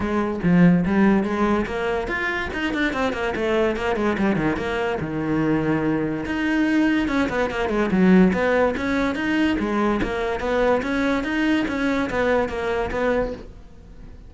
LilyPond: \new Staff \with { instrumentName = "cello" } { \time 4/4 \tempo 4 = 144 gis4 f4 g4 gis4 | ais4 f'4 dis'8 d'8 c'8 ais8 | a4 ais8 gis8 g8 dis8 ais4 | dis2. dis'4~ |
dis'4 cis'8 b8 ais8 gis8 fis4 | b4 cis'4 dis'4 gis4 | ais4 b4 cis'4 dis'4 | cis'4 b4 ais4 b4 | }